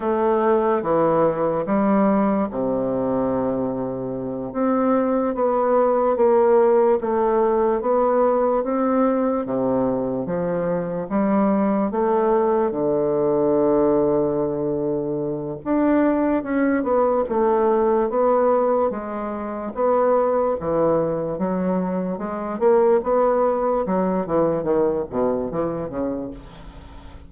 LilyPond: \new Staff \with { instrumentName = "bassoon" } { \time 4/4 \tempo 4 = 73 a4 e4 g4 c4~ | c4. c'4 b4 ais8~ | ais8 a4 b4 c'4 c8~ | c8 f4 g4 a4 d8~ |
d2. d'4 | cis'8 b8 a4 b4 gis4 | b4 e4 fis4 gis8 ais8 | b4 fis8 e8 dis8 b,8 e8 cis8 | }